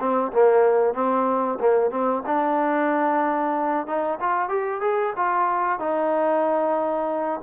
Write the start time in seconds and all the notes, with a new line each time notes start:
0.00 C4
0.33 A#3
0.94 C4
1.61 A#3
1.91 C4
2.27 D4
3.87 D#4
4.21 F4
4.50 G4
4.82 G#4
5.17 F4
5.80 D#4